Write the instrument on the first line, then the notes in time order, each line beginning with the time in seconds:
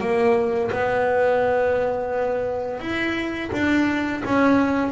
double bass
0.00 A#3
0.71 B3
2.79 E4
3.52 D4
4.24 C#4